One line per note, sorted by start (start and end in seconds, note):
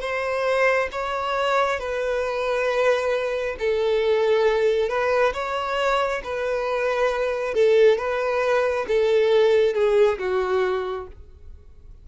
0.00 0.88 C5
0.91 1.79 C#5
1.79 3.55 B4
3.59 4.89 A4
4.89 5.33 B4
5.33 6.21 C#5
6.23 7.54 B4
7.54 7.97 A4
7.97 8.86 B4
8.87 9.74 A4
9.74 10.18 G#4
10.18 11.07 F#4